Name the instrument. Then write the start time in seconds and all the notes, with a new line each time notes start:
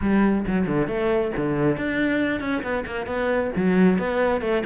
cello
0.01 G3
0.47 F#3
0.67 D3
0.87 A3
1.37 D3
1.76 D4
2.40 C#4
2.62 B3
2.86 A#3
3.06 B3
3.55 F#3
3.98 B3
4.41 A3